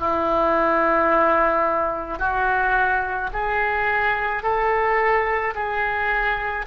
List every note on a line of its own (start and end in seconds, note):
0.00 2.19 E4
2.19 3.30 F#4
3.33 4.43 G#4
4.43 5.54 A4
5.55 6.66 G#4